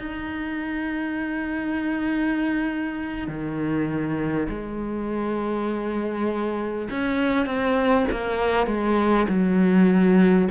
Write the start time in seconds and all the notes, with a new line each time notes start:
0.00 D#4
3.28 D#3
4.49 G#3
6.91 C#4
7.47 C4
8.12 A#3
8.67 G#3
9.29 F#3